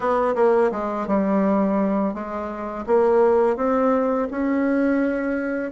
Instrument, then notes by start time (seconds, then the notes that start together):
bassoon
0.00 B3
0.35 A#3
0.71 G#3
1.07 G3
2.14 G#3
2.86 A#3
3.56 C4
4.30 C#4